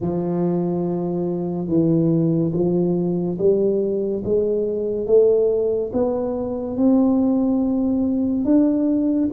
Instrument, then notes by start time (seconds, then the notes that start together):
tuba
0.00 F3
1.67 E3
2.53 F3
3.38 G3
4.24 G#3
5.06 A3
5.92 B3
6.76 C4
8.44 D4